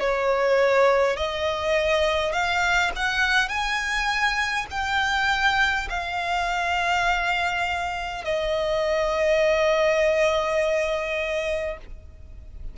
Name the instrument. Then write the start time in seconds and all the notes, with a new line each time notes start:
violin
0.00 C#5
1.17 D#5
2.33 F5
2.96 F#5
3.49 G#5
4.71 G5
5.90 F5
8.25 D#5